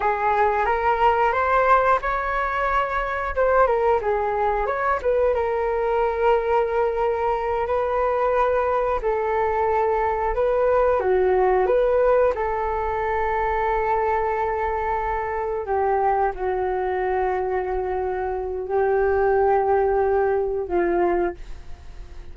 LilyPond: \new Staff \with { instrumentName = "flute" } { \time 4/4 \tempo 4 = 90 gis'4 ais'4 c''4 cis''4~ | cis''4 c''8 ais'8 gis'4 cis''8 b'8 | ais'2.~ ais'8 b'8~ | b'4. a'2 b'8~ |
b'8 fis'4 b'4 a'4.~ | a'2.~ a'8 g'8~ | g'8 fis'2.~ fis'8 | g'2. f'4 | }